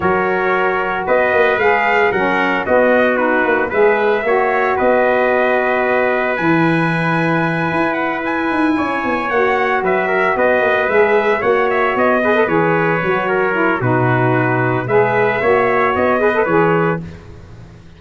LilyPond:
<<
  \new Staff \with { instrumentName = "trumpet" } { \time 4/4 \tempo 4 = 113 cis''2 dis''4 f''4 | fis''4 dis''4 b'4 e''4~ | e''4 dis''2. | gis''2. fis''8 gis''8~ |
gis''4. fis''4 e''4 dis''8~ | dis''8 e''4 fis''8 e''8 dis''4 cis''8~ | cis''2 b'2 | e''2 dis''4 cis''4 | }
  \new Staff \with { instrumentName = "trumpet" } { \time 4/4 ais'2 b'2 | ais'4 fis'2 b'4 | cis''4 b'2.~ | b'1~ |
b'8 cis''2 b'8 ais'8 b'8~ | b'4. cis''4. b'4~ | b'4 ais'4 fis'2 | b'4 cis''4. b'4. | }
  \new Staff \with { instrumentName = "saxophone" } { \time 4/4 fis'2. gis'4 | cis'4 b4 dis'4 gis'4 | fis'1 | e'1~ |
e'4. fis'2~ fis'8~ | fis'8 gis'4 fis'4. gis'16 a'16 gis'8~ | gis'8 fis'4 e'8 dis'2 | gis'4 fis'4. gis'16 a'16 gis'4 | }
  \new Staff \with { instrumentName = "tuba" } { \time 4/4 fis2 b8 ais8 gis4 | fis4 b4. ais8 gis4 | ais4 b2. | e2~ e8 e'4. |
dis'8 cis'8 b8 ais4 fis4 b8 | ais8 gis4 ais4 b4 e8~ | e8 fis4. b,2 | gis4 ais4 b4 e4 | }
>>